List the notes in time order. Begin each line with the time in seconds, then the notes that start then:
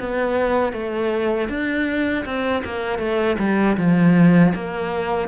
0.00 B3
0.73 A3
1.49 D4
2.25 C4
2.65 A#3
2.99 A3
3.39 G3
3.78 F3
4.55 A#3